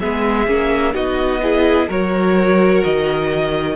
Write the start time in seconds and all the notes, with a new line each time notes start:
0.00 G#3 B3 G#4 E5
0.47 A#3 C#4
0.93 B3 D#4 F#4 D#5
1.42 E4 G#4
1.88 F#3 F#4 A#4 C#5
2.84 D#3 D#5